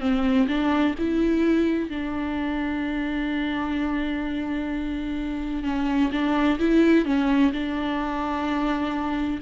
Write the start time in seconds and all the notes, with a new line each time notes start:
0.00 C4
0.48 D4
0.98 E4
1.90 D4
5.64 C#4
6.12 D4
6.59 E4
7.05 C#4
7.53 D4